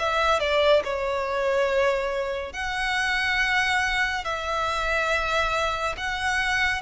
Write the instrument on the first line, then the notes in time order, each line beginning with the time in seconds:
violin
0.00 E5
0.40 D5
0.84 C#5
2.53 F#5
4.25 E5
5.98 F#5